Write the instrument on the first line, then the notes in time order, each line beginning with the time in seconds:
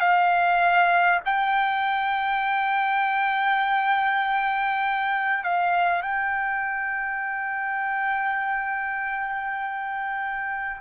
trumpet
0.00 F5
1.25 G5
5.43 F5
6.02 G5